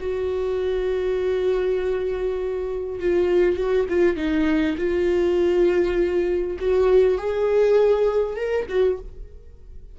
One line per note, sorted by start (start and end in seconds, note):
0.00 3.00 F#4
3.00 3.56 F4
3.56 3.86 F#4
3.89 4.17 F4
4.17 4.77 D#4
4.78 6.58 F4
6.59 7.18 F#4
7.18 8.37 G#4
8.37 8.67 A#4
8.69 8.99 F#4